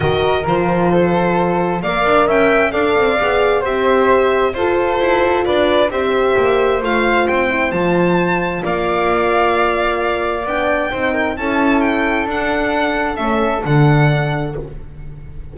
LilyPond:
<<
  \new Staff \with { instrumentName = "violin" } { \time 4/4 \tempo 4 = 132 dis''4 c''2. | f''4 g''4 f''2 | e''2 c''2 | d''4 e''2 f''4 |
g''4 a''2 f''4~ | f''2. g''4~ | g''4 a''4 g''4 fis''4~ | fis''4 e''4 fis''2 | }
  \new Staff \with { instrumentName = "flute" } { \time 4/4 ais'2 a'2 | d''4 e''4 d''2 | c''2 a'2 | b'4 c''2.~ |
c''2. d''4~ | d''1 | c''8 ais'8 a'2.~ | a'1 | }
  \new Staff \with { instrumentName = "horn" } { \time 4/4 fis'4 f'2. | ais'2 a'4 gis'4 | g'2 f'2~ | f'4 g'2 f'4~ |
f'8 e'8 f'2.~ | f'2. d'4 | dis'4 e'2 d'4~ | d'4 cis'4 d'2 | }
  \new Staff \with { instrumentName = "double bass" } { \time 4/4 dis4 f2. | ais8 d'8 cis'4 d'8 c'8 b4 | c'2 f'4 e'4 | d'4 c'4 ais4 a4 |
c'4 f2 ais4~ | ais2. b4 | c'4 cis'2 d'4~ | d'4 a4 d2 | }
>>